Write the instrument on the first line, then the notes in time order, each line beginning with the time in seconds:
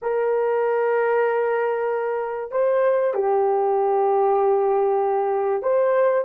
horn
0.02 A#4
2.51 C5
3.13 G4
5.62 C5